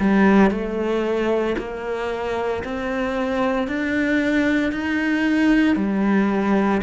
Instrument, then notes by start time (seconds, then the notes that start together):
cello
0.00 G3
0.51 A3
1.58 A#3
2.64 C4
3.68 D4
4.72 D#4
5.76 G3